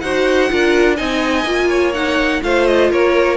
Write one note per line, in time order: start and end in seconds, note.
0.00 0.51 D#4
0.00 0.50 F#4
0.00 0.51 C5
0.00 0.96 F#5
0.50 0.99 D4
0.50 0.96 F4
0.50 0.96 A#4
0.96 1.45 C4
0.96 1.44 D#4
0.96 1.68 D#5
0.96 1.93 G#5
1.45 2.41 A#3
1.45 1.93 F4
1.69 2.41 C#5
1.93 2.41 D#4
1.93 2.42 F#5
2.41 2.91 A3
2.41 3.37 F4
2.41 2.90 C5
2.41 2.67 F5
2.67 2.91 D#5
2.90 3.37 A#3
2.90 3.37 A#4
2.90 3.37 C#5